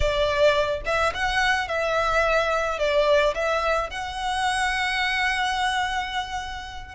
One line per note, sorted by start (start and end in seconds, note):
0.00 0.81 D5
0.85 1.13 E5
1.14 1.68 F#5
1.68 2.78 E5
2.78 3.34 D5
3.34 3.90 E5
3.90 6.94 F#5